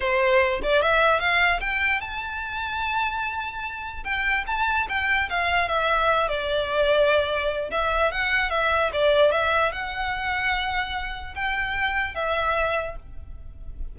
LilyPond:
\new Staff \with { instrumentName = "violin" } { \time 4/4 \tempo 4 = 148 c''4. d''8 e''4 f''4 | g''4 a''2.~ | a''2 g''4 a''4 | g''4 f''4 e''4. d''8~ |
d''2. e''4 | fis''4 e''4 d''4 e''4 | fis''1 | g''2 e''2 | }